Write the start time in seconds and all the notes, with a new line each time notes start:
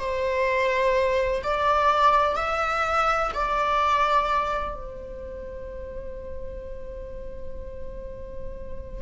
0.00 C5
1.44 D5
2.36 E5
3.34 D5
4.75 C5